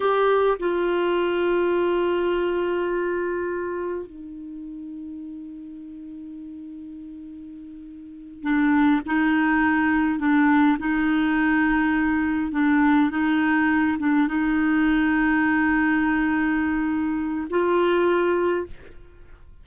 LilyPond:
\new Staff \with { instrumentName = "clarinet" } { \time 4/4 \tempo 4 = 103 g'4 f'2.~ | f'2. dis'4~ | dis'1~ | dis'2~ dis'8 d'4 dis'8~ |
dis'4. d'4 dis'4.~ | dis'4. d'4 dis'4. | d'8 dis'2.~ dis'8~ | dis'2 f'2 | }